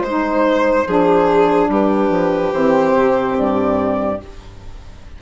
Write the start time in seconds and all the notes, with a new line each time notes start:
0.00 G#3 C5
0.07 D#4
0.86 F3 D4 G#4
1.68 G3 G4 B4
2.09 F3
2.53 E3 C4 C5
2.93 C3
3.37 G2 D5